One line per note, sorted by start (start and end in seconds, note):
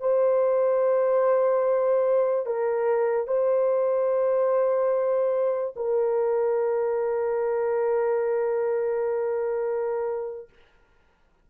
0.00 2.46 C5
2.46 3.27 A#4
3.27 5.73 C5
5.76 10.48 A#4